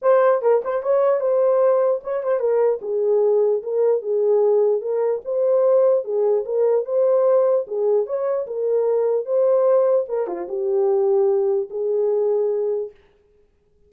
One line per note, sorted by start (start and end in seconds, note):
0.02 0.42 C5
0.42 0.62 A#4
0.64 0.82 C5
0.82 1.20 C#5
1.20 2.01 C5
2.03 2.23 C#5
2.23 2.39 C5
2.39 2.79 A#4
2.81 3.62 G#4
3.62 4.02 A#4
4.02 4.81 G#4
4.81 5.21 A#4
5.25 6.04 C5
6.04 6.44 G#4
6.45 6.85 A#4
6.85 7.65 C5
7.67 8.06 G#4
8.06 8.46 C#5
8.46 9.25 A#4
9.25 10.06 C5
10.08 10.27 A#4
10.27 10.47 F4
10.48 11.69 G4
11.69 12.90 G#4